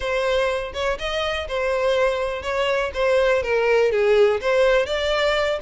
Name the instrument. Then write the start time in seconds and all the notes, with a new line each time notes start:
violin
0.00 C5
0.73 C#5
0.98 D#5
1.48 C5
2.42 C#5
2.94 C5
3.43 A#4
3.91 G#4
4.41 C5
4.86 D5